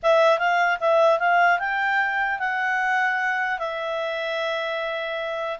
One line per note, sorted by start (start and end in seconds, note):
0.03 0.38 E5
0.38 0.78 F5
0.79 1.19 E5
1.19 1.59 F5
1.59 2.39 G5
2.39 3.58 F#5
3.58 5.58 E5